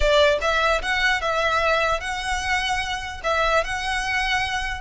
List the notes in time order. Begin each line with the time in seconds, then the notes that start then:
0.00 D5
0.41 E5
0.82 F#5
1.21 E5
2.00 F#5
3.23 E5
3.64 F#5